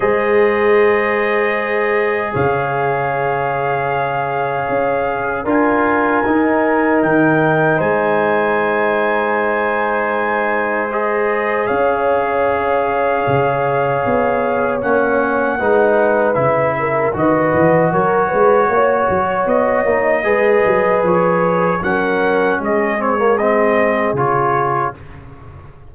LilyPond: <<
  \new Staff \with { instrumentName = "trumpet" } { \time 4/4 \tempo 4 = 77 dis''2. f''4~ | f''2. gis''4~ | gis''4 g''4 gis''2~ | gis''2 dis''4 f''4~ |
f''2. fis''4~ | fis''4 e''4 dis''4 cis''4~ | cis''4 dis''2 cis''4 | fis''4 dis''8 cis''8 dis''4 cis''4 | }
  \new Staff \with { instrumentName = "horn" } { \time 4/4 c''2. cis''4~ | cis''2. ais'4~ | ais'2 c''2~ | c''2. cis''4~ |
cis''1 | b'4. ais'8 b'4 ais'8 b'8 | cis''2 b'2 | ais'4 gis'2. | }
  \new Staff \with { instrumentName = "trombone" } { \time 4/4 gis'1~ | gis'2. f'4 | dis'1~ | dis'2 gis'2~ |
gis'2. cis'4 | dis'4 e'4 fis'2~ | fis'4. dis'8 gis'2 | cis'4. c'16 ais16 c'4 f'4 | }
  \new Staff \with { instrumentName = "tuba" } { \time 4/4 gis2. cis4~ | cis2 cis'4 d'4 | dis'4 dis4 gis2~ | gis2. cis'4~ |
cis'4 cis4 b4 ais4 | gis4 cis4 dis8 e8 fis8 gis8 | ais8 fis8 b8 ais8 gis8 fis8 f4 | fis4 gis2 cis4 | }
>>